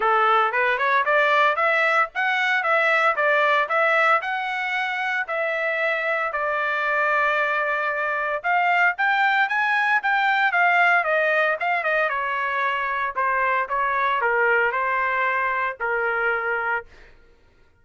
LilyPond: \new Staff \with { instrumentName = "trumpet" } { \time 4/4 \tempo 4 = 114 a'4 b'8 cis''8 d''4 e''4 | fis''4 e''4 d''4 e''4 | fis''2 e''2 | d''1 |
f''4 g''4 gis''4 g''4 | f''4 dis''4 f''8 dis''8 cis''4~ | cis''4 c''4 cis''4 ais'4 | c''2 ais'2 | }